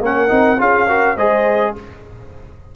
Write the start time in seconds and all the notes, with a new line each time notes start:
0.00 A#3 C#4 A#4 F#5
0.28 C4 D#4
0.58 C#4 F4 G#4 F5
0.88 F#4 A#4
1.16 G#3 G#4 C5 D#5